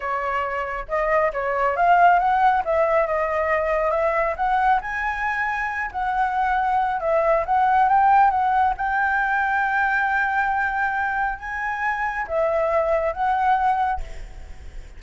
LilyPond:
\new Staff \with { instrumentName = "flute" } { \time 4/4 \tempo 4 = 137 cis''2 dis''4 cis''4 | f''4 fis''4 e''4 dis''4~ | dis''4 e''4 fis''4 gis''4~ | gis''4. fis''2~ fis''8 |
e''4 fis''4 g''4 fis''4 | g''1~ | g''2 gis''2 | e''2 fis''2 | }